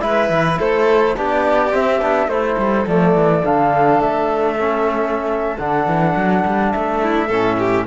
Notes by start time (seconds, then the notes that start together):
0.00 G#3 E4 B4 E5
0.30 E3
0.59 A3 A4 C5
1.17 B3 D4 G4 D5
1.71 C4 E5
2.01 B3 D4
2.27 A3 E4 A4 C5
2.57 G3
2.87 F3 A3 D5
3.15 E3
3.44 D3 D4 F5
4.00 A3 E5
4.58 C#4
5.58 D3 D4 F#5
5.86 E3
6.16 F#3
6.45 G3
6.72 A3 E5
7.02 E4
7.28 A2 C#4 A4
7.58 G4